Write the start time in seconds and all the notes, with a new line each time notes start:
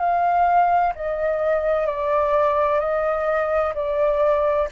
0.00 F5
0.95 D#5
1.87 D5
2.80 D#5
3.75 D5